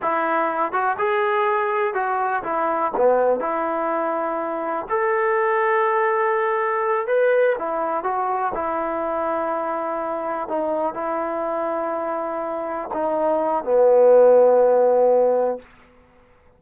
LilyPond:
\new Staff \with { instrumentName = "trombone" } { \time 4/4 \tempo 4 = 123 e'4. fis'8 gis'2 | fis'4 e'4 b4 e'4~ | e'2 a'2~ | a'2~ a'8 b'4 e'8~ |
e'8 fis'4 e'2~ e'8~ | e'4. dis'4 e'4.~ | e'2~ e'8 dis'4. | b1 | }